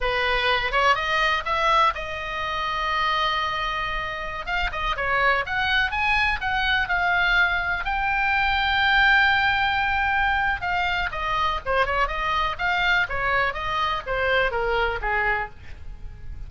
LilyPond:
\new Staff \with { instrumentName = "oboe" } { \time 4/4 \tempo 4 = 124 b'4. cis''8 dis''4 e''4 | dis''1~ | dis''4~ dis''16 f''8 dis''8 cis''4 fis''8.~ | fis''16 gis''4 fis''4 f''4.~ f''16~ |
f''16 g''2.~ g''8.~ | g''2 f''4 dis''4 | c''8 cis''8 dis''4 f''4 cis''4 | dis''4 c''4 ais'4 gis'4 | }